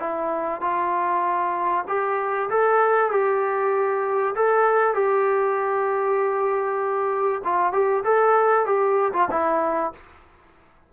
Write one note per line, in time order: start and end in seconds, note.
0.00 0.61 E4
0.61 1.85 F4
1.88 2.50 G4
2.50 3.11 A4
3.11 4.35 G4
4.35 4.94 A4
4.94 7.42 G4
7.44 7.73 F4
7.73 8.04 G4
8.04 8.66 A4
8.66 9.12 G4
9.13 9.28 F4
9.31 9.93 E4